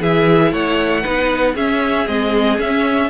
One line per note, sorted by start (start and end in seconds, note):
0.00 0.52 E3
0.00 1.03 E4
0.00 0.52 G#4
0.00 0.52 E5
0.52 1.04 A3
0.52 1.01 C#5
0.52 1.56 F#5
1.01 1.55 B3
1.01 1.55 D#4
1.01 1.53 B4
1.54 2.06 C#4
1.54 2.07 C#4
1.54 3.09 G#4
1.54 2.07 E5
2.07 2.59 G#3
2.07 2.57 C4
2.07 2.59 D#5
2.57 3.09 C#4
2.57 3.09 E5